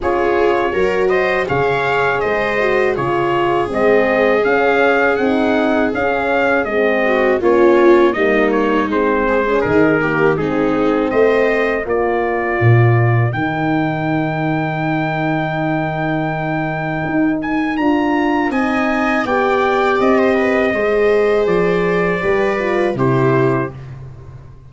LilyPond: <<
  \new Staff \with { instrumentName = "trumpet" } { \time 4/4 \tempo 4 = 81 cis''4. dis''8 f''4 dis''4 | cis''4 dis''4 f''4 fis''4 | f''4 dis''4 cis''4 dis''8 cis''8 | c''4 ais'4 gis'4 dis''4 |
d''2 g''2~ | g''2.~ g''8 gis''8 | ais''4 gis''4 g''4 dis''4~ | dis''4 d''2 c''4 | }
  \new Staff \with { instrumentName = "viola" } { \time 4/4 gis'4 ais'8 c''8 cis''4 c''4 | gis'1~ | gis'4. fis'8 f'4 dis'4~ | dis'8 gis'4 g'8 dis'4 c''4 |
ais'1~ | ais'1~ | ais'4 dis''4 d''4~ d''16 c''16 b'8 | c''2 b'4 g'4 | }
  \new Staff \with { instrumentName = "horn" } { \time 4/4 f'4 fis'4 gis'4. fis'8 | f'4 c'4 cis'4 dis'4 | cis'4 c'4 cis'4 ais4 | c'8. cis'16 dis'8 ais8 c'2 |
f'2 dis'2~ | dis'1 | f'4 dis'4 g'2 | gis'2 g'8 f'8 e'4 | }
  \new Staff \with { instrumentName = "tuba" } { \time 4/4 cis'4 fis4 cis4 gis4 | cis4 gis4 cis'4 c'4 | cis'4 gis4 ais4 g4 | gis4 dis4 gis4 a4 |
ais4 ais,4 dis2~ | dis2. dis'4 | d'4 c'4 b4 c'4 | gis4 f4 g4 c4 | }
>>